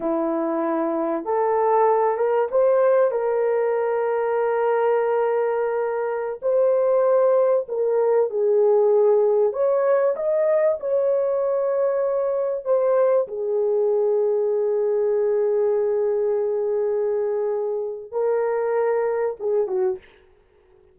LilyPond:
\new Staff \with { instrumentName = "horn" } { \time 4/4 \tempo 4 = 96 e'2 a'4. ais'8 | c''4 ais'2.~ | ais'2~ ais'16 c''4.~ c''16~ | c''16 ais'4 gis'2 cis''8.~ |
cis''16 dis''4 cis''2~ cis''8.~ | cis''16 c''4 gis'2~ gis'8.~ | gis'1~ | gis'4 ais'2 gis'8 fis'8 | }